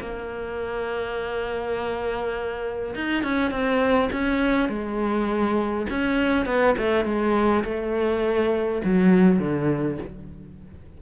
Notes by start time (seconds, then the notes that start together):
0.00 A#3
2.95 D#4
3.23 C#4
3.51 C4
4.12 C#4
4.68 G#3
5.89 C#4
6.46 B3
6.78 A3
7.05 G#3
7.64 A3
8.84 F#3
9.39 D3